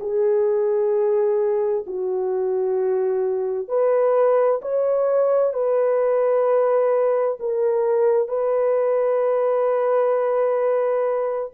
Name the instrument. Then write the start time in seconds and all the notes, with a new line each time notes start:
horn
0.00 G#4
1.86 F#4
3.68 B4
4.62 C#5
5.53 B4
7.40 A#4
8.28 B4